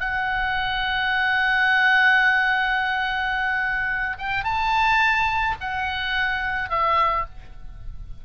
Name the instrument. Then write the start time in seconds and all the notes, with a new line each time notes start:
oboe
0.00 F#5
4.18 G5
4.44 A5
5.60 F#5
6.70 E5